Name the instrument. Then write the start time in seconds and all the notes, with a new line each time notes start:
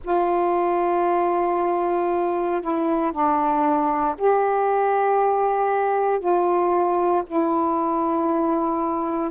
saxophone
0.04 F4
2.61 E4
3.12 D4
4.18 G4
6.19 F4
7.26 E4